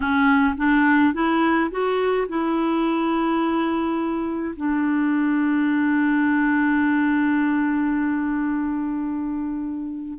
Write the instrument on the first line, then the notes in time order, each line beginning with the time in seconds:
clarinet
0.00 C#4
0.57 D4
1.13 E4
1.70 F#4
2.28 E4
4.56 D4